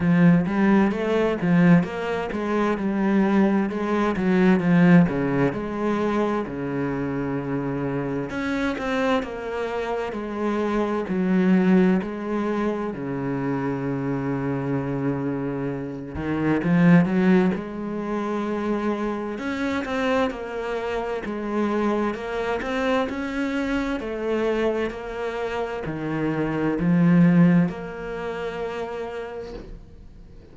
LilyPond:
\new Staff \with { instrumentName = "cello" } { \time 4/4 \tempo 4 = 65 f8 g8 a8 f8 ais8 gis8 g4 | gis8 fis8 f8 cis8 gis4 cis4~ | cis4 cis'8 c'8 ais4 gis4 | fis4 gis4 cis2~ |
cis4. dis8 f8 fis8 gis4~ | gis4 cis'8 c'8 ais4 gis4 | ais8 c'8 cis'4 a4 ais4 | dis4 f4 ais2 | }